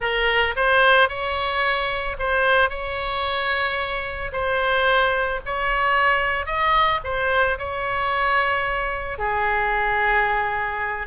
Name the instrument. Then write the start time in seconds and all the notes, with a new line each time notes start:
oboe
0.00 A#4
0.56 C5
1.08 C#5
2.18 C5
2.69 C#5
4.32 C5
5.45 C#5
6.46 D#5
7.04 C5
7.58 C#5
9.18 G#4